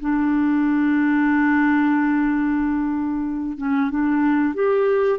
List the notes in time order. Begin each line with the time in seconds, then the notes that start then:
0.00 D4
3.58 C#4
3.90 D4
4.54 G4